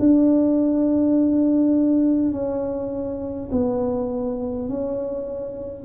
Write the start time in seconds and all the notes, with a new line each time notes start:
0.00 D4
2.33 C#4
3.52 B3
4.70 C#4